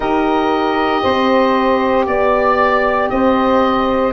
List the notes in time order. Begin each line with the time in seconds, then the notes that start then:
0.00 D#4 G4 A#4 D#5
1.02 C4 C5
2.06 B3 D5
3.09 C4 C5 D#5